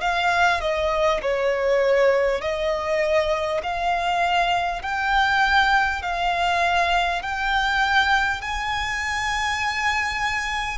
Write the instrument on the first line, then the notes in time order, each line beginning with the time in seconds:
violin
0.00 F5
0.60 D#5
1.22 C#5
2.41 D#5
3.63 F5
4.82 G5
6.02 F5
7.22 G5
8.41 G#5